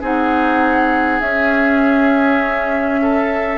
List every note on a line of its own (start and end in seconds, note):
0.00 1.20 C4
0.00 1.21 D#4
0.00 3.00 G#4
0.00 1.20 F#5
1.20 3.58 C#4
1.20 3.58 E5
3.02 3.58 A4